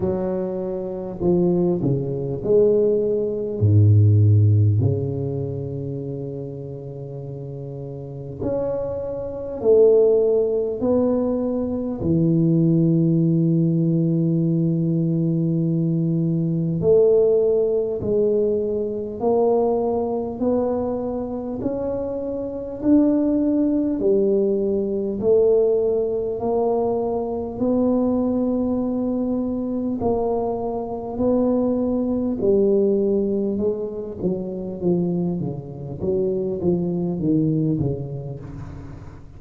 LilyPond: \new Staff \with { instrumentName = "tuba" } { \time 4/4 \tempo 4 = 50 fis4 f8 cis8 gis4 gis,4 | cis2. cis'4 | a4 b4 e2~ | e2 a4 gis4 |
ais4 b4 cis'4 d'4 | g4 a4 ais4 b4~ | b4 ais4 b4 g4 | gis8 fis8 f8 cis8 fis8 f8 dis8 cis8 | }